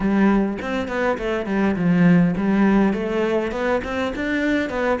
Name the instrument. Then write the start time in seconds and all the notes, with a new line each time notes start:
cello
0.00 G3
0.61 C4
0.88 B3
1.18 A3
1.46 G3
1.76 F3
2.36 G3
2.93 A3
3.51 B3
3.84 C4
4.15 D4
4.69 B3